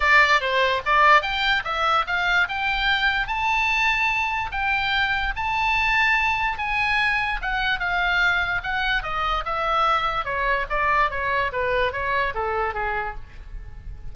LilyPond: \new Staff \with { instrumentName = "oboe" } { \time 4/4 \tempo 4 = 146 d''4 c''4 d''4 g''4 | e''4 f''4 g''2 | a''2. g''4~ | g''4 a''2. |
gis''2 fis''4 f''4~ | f''4 fis''4 dis''4 e''4~ | e''4 cis''4 d''4 cis''4 | b'4 cis''4 a'4 gis'4 | }